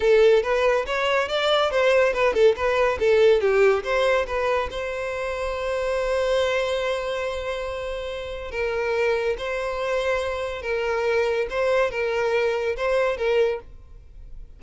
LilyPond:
\new Staff \with { instrumentName = "violin" } { \time 4/4 \tempo 4 = 141 a'4 b'4 cis''4 d''4 | c''4 b'8 a'8 b'4 a'4 | g'4 c''4 b'4 c''4~ | c''1~ |
c''1 | ais'2 c''2~ | c''4 ais'2 c''4 | ais'2 c''4 ais'4 | }